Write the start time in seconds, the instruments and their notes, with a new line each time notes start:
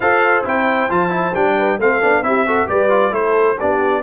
0.00 tuba F4, trombone A4, horn C5, trumpet F5
0.44 tuba C4, trombone E4, trumpet G5
0.89 tuba F3, trombone F4, trumpet A5
1.09 trombone E4
1.34 tuba G3, trombone D4, trumpet G5
1.57 horn B4
1.79 tuba A3, trombone C4, horn A4, trumpet F5
2.01 tuba B3, trombone D4
2.22 tuba C4, trombone E4, horn G4, trumpet E5
2.46 trombone F#4, horn A4
2.67 tuba G3, trombone G4, horn B4, trumpet D5
2.89 trombone F4
3.11 tuba A3, trombone E4, horn A4, trumpet C5
3.58 tuba B3, trombone D4, horn G4, trumpet D5